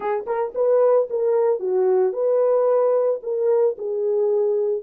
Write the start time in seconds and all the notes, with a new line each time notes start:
0.00 G#4
0.26 A#4
0.55 B4
1.10 A#4
1.59 F#4
2.13 B4
3.22 A#4
3.78 G#4